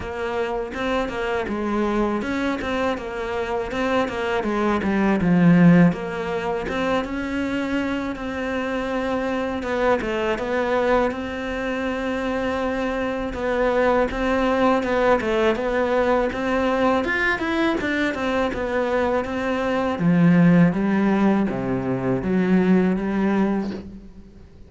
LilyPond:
\new Staff \with { instrumentName = "cello" } { \time 4/4 \tempo 4 = 81 ais4 c'8 ais8 gis4 cis'8 c'8 | ais4 c'8 ais8 gis8 g8 f4 | ais4 c'8 cis'4. c'4~ | c'4 b8 a8 b4 c'4~ |
c'2 b4 c'4 | b8 a8 b4 c'4 f'8 e'8 | d'8 c'8 b4 c'4 f4 | g4 c4 fis4 g4 | }